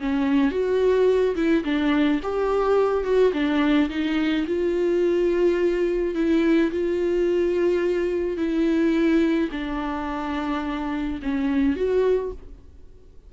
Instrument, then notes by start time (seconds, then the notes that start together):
viola
0.00 C#4
0.51 F#4
1.36 E4
1.64 D4
2.23 G4
3.04 F#4
3.33 D4
3.90 D#4
4.47 F4
6.15 E4
6.71 F4
8.37 E4
9.52 D4
11.22 C#4
11.76 F#4